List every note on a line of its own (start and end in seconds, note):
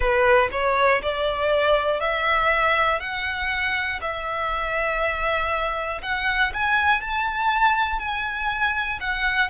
0.00 0.49 B4
0.51 1.01 C#5
1.02 2.00 D5
2.00 3.00 E5
3.00 4.00 F#5
4.01 6.01 E5
6.02 6.52 F#5
6.53 7.00 G#5
7.00 7.99 A5
7.99 8.99 G#5
9.00 9.50 F#5